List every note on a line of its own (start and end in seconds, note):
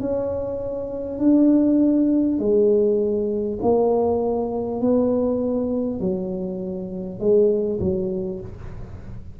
0.00 1.18 C#4
1.18 2.38 D4
2.38 3.58 G#3
3.62 4.81 A#3
4.81 5.99 B3
5.99 7.19 F#3
7.19 7.79 G#3
7.80 8.40 F#3